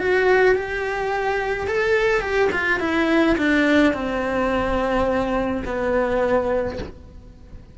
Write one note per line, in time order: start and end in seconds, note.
0.00 0.56 F#4
0.56 1.68 G4
1.68 2.21 A4
2.21 2.50 G4
2.53 2.80 F4
2.80 3.37 E4
3.38 3.94 D4
3.94 5.63 C4
5.65 6.78 B3